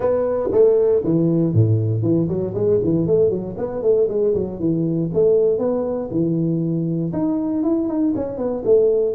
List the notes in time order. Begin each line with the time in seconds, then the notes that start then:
0.00 B3
0.51 A3
1.04 E3
1.53 A2
2.02 E3
2.28 F#3
2.54 G#3
2.83 E3
3.06 A3
3.30 F#3
3.57 B3
3.82 A3
4.08 G#3
4.34 F#3
4.59 E3
5.13 A3
5.58 B3
6.10 E3
7.12 D#4
7.63 E4
7.88 D#4
8.15 C#4
8.37 B3
8.64 A3